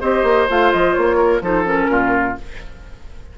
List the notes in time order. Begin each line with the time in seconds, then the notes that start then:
0.00 C4 G4 C5 D#5
0.23 A#3
0.48 A3 F4 F5
0.72 F3 D#5
0.93 A#3 C#5
1.16 A#4
1.41 F3 D#4 A4 C5
1.64 C#4 A#4
1.89 A#2 F4